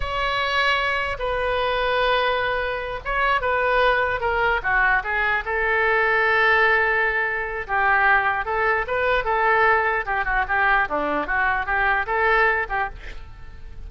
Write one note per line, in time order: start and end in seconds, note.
0.00 1.17 C#5
1.18 3.00 B4
3.04 3.41 C#5
3.41 4.20 B4
4.20 4.60 A#4
4.62 5.03 F#4
5.03 5.44 G#4
5.45 7.66 A4
7.67 8.45 G4
8.45 8.85 A4
8.87 9.24 B4
9.24 10.05 A4
10.05 10.24 G4
10.24 10.44 F#4
10.48 10.88 G4
10.88 11.26 D4
11.26 11.66 F#4
11.66 12.06 G4
12.06 12.66 A4
12.69 12.89 G4